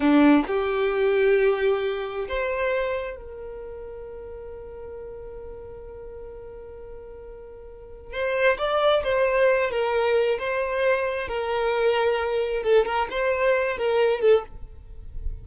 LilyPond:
\new Staff \with { instrumentName = "violin" } { \time 4/4 \tempo 4 = 133 d'4 g'2.~ | g'4 c''2 ais'4~ | ais'1~ | ais'1~ |
ais'2 c''4 d''4 | c''4. ais'4. c''4~ | c''4 ais'2. | a'8 ais'8 c''4. ais'4 a'8 | }